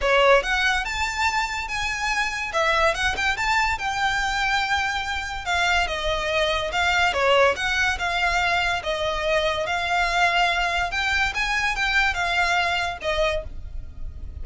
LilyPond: \new Staff \with { instrumentName = "violin" } { \time 4/4 \tempo 4 = 143 cis''4 fis''4 a''2 | gis''2 e''4 fis''8 g''8 | a''4 g''2.~ | g''4 f''4 dis''2 |
f''4 cis''4 fis''4 f''4~ | f''4 dis''2 f''4~ | f''2 g''4 gis''4 | g''4 f''2 dis''4 | }